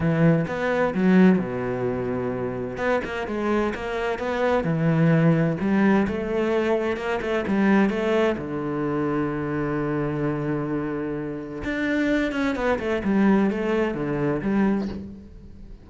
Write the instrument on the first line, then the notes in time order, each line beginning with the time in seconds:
cello
0.00 E3
0.47 B3
0.94 F#3
1.38 B2
2.77 B3
3.04 A#3
3.27 G#3
3.74 A#3
4.18 B3
4.64 E3
5.60 G3
6.07 A3
6.96 A#3
7.21 A3
7.47 G3
7.89 A3
8.37 D3
11.63 D4
12.32 C#4
12.55 B3
12.79 A3
13.04 G3
13.50 A3
13.94 D3
14.42 G3